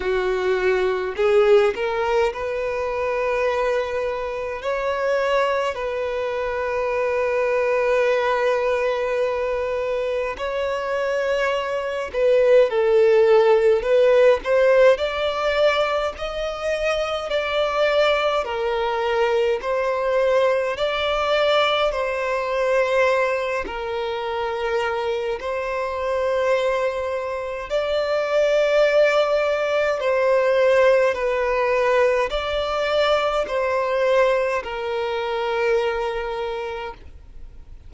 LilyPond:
\new Staff \with { instrumentName = "violin" } { \time 4/4 \tempo 4 = 52 fis'4 gis'8 ais'8 b'2 | cis''4 b'2.~ | b'4 cis''4. b'8 a'4 | b'8 c''8 d''4 dis''4 d''4 |
ais'4 c''4 d''4 c''4~ | c''8 ais'4. c''2 | d''2 c''4 b'4 | d''4 c''4 ais'2 | }